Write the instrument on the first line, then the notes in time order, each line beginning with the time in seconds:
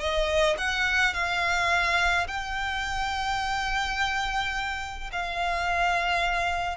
violin
0.00 D#5
0.58 F#5
1.14 F5
2.28 G5
5.12 F5